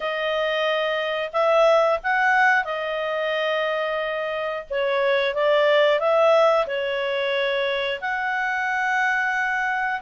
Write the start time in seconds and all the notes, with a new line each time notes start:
0.00 D#5
1.32 E5
2.03 F#5
2.64 D#5
4.70 C#5
5.34 D5
5.99 E5
6.66 C#5
8.00 F#5